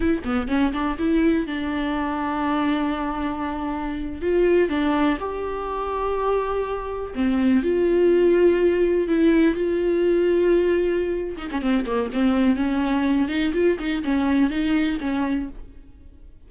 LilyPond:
\new Staff \with { instrumentName = "viola" } { \time 4/4 \tempo 4 = 124 e'8 b8 cis'8 d'8 e'4 d'4~ | d'1~ | d'8. f'4 d'4 g'4~ g'16~ | g'2~ g'8. c'4 f'16~ |
f'2~ f'8. e'4 f'16~ | f'2.~ f'8 dis'16 cis'16 | c'8 ais8 c'4 cis'4. dis'8 | f'8 dis'8 cis'4 dis'4 cis'4 | }